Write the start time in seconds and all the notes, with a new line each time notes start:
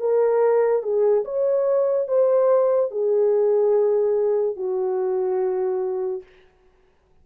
0.00 A#4
0.83 G#4
1.25 C#5
2.08 C5
2.91 G#4
4.56 F#4